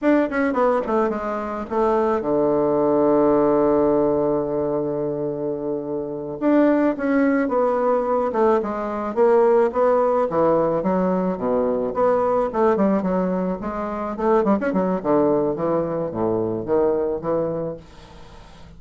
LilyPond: \new Staff \with { instrumentName = "bassoon" } { \time 4/4 \tempo 4 = 108 d'8 cis'8 b8 a8 gis4 a4 | d1~ | d2.~ d8 d'8~ | d'8 cis'4 b4. a8 gis8~ |
gis8 ais4 b4 e4 fis8~ | fis8 b,4 b4 a8 g8 fis8~ | fis8 gis4 a8 g16 cis'16 fis8 d4 | e4 a,4 dis4 e4 | }